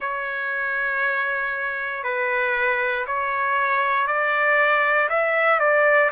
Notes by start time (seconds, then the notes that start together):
0.00 C#5
2.03 B4
3.06 C#5
4.07 D5
5.08 E5
5.59 D5